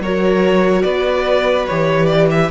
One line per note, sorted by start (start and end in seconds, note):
0.00 0.83 F#3
0.00 1.70 F#4
0.00 0.84 A#4
0.00 0.83 C#5
0.83 1.68 B3
0.83 2.50 B4
0.83 1.66 D5
1.67 2.51 E3
1.67 2.51 G4
1.67 2.06 C#5
2.06 2.27 D5
2.31 2.51 E5